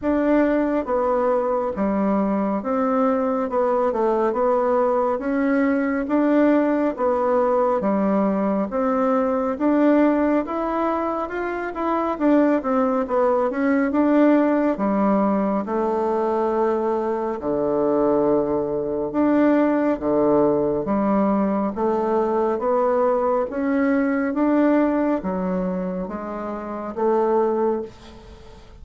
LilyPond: \new Staff \with { instrumentName = "bassoon" } { \time 4/4 \tempo 4 = 69 d'4 b4 g4 c'4 | b8 a8 b4 cis'4 d'4 | b4 g4 c'4 d'4 | e'4 f'8 e'8 d'8 c'8 b8 cis'8 |
d'4 g4 a2 | d2 d'4 d4 | g4 a4 b4 cis'4 | d'4 fis4 gis4 a4 | }